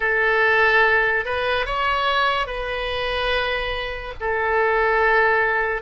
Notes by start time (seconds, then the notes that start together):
0.00 A4
1.25 B4
1.66 C#5
2.47 B4
4.20 A4